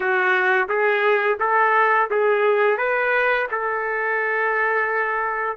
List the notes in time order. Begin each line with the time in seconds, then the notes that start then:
0.00 F#4
0.68 G#4
1.39 A4
2.10 G#4
2.77 B4
3.51 A4